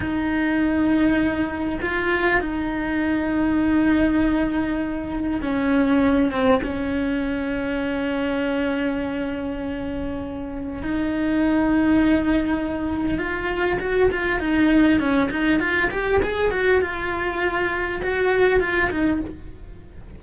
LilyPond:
\new Staff \with { instrumentName = "cello" } { \time 4/4 \tempo 4 = 100 dis'2. f'4 | dis'1~ | dis'4 cis'4. c'8 cis'4~ | cis'1~ |
cis'2 dis'2~ | dis'2 f'4 fis'8 f'8 | dis'4 cis'8 dis'8 f'8 g'8 gis'8 fis'8 | f'2 fis'4 f'8 dis'8 | }